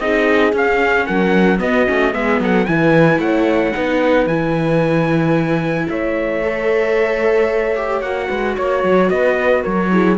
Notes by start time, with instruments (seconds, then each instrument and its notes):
0.00 cello C4, viola D#4, horn G#4, trumpet D#5
0.53 viola C#4, cello C#4, trumpet F5
1.06 cello F#3, horn A#4, trumpet F#5
1.58 viola B3, cello B3, horn F#4, trumpet D#5
1.87 cello A3, viola C#4
2.13 cello G#3, viola B3, horn G#4, trumpet E5
2.40 cello F#3, horn A4, trumpet F#5
2.66 cello E3, viola E4, horn B4, trumpet G#5
3.19 cello A3, horn C#5, trumpet F#5
3.74 cello B3, viola D#4, horn B4
4.27 cello E3, viola E4, trumpet G#5
5.89 cello A3, horn C#5, trumpet E5
6.43 viola A4
7.77 viola G4
8.02 cello A#3, viola F#4, trumpet F#5
8.28 cello G#3, horn B4
8.56 cello A#3, horn C#5, trumpet C#5
8.84 cello F#3
9.10 cello B3, horn B4, trumpet D#5
9.62 cello F#3, horn A#4, trumpet C#5
9.92 viola E4, horn G#4